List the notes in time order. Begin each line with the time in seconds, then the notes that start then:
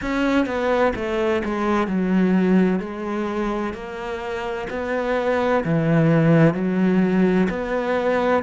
0.01 C#4
0.46 B3
0.95 A3
1.44 G#3
1.87 F#3
2.79 G#3
3.73 A#3
4.70 B3
5.64 E3
6.54 F#3
7.49 B3